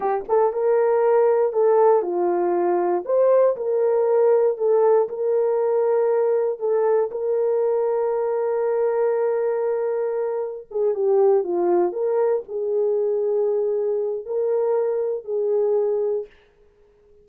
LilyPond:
\new Staff \with { instrumentName = "horn" } { \time 4/4 \tempo 4 = 118 g'8 a'8 ais'2 a'4 | f'2 c''4 ais'4~ | ais'4 a'4 ais'2~ | ais'4 a'4 ais'2~ |
ais'1~ | ais'4 gis'8 g'4 f'4 ais'8~ | ais'8 gis'2.~ gis'8 | ais'2 gis'2 | }